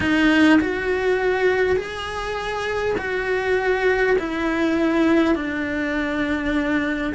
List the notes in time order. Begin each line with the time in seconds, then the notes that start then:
0.00 D#4
0.60 F#4
1.76 G#4
2.98 F#4
4.18 E4
5.35 D4